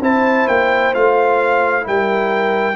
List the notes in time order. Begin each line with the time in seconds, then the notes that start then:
0.00 C4 E4 C5 A5
0.47 A#3 G5
0.93 A3 F4 F5
1.81 E4 A#4
1.87 G3 G5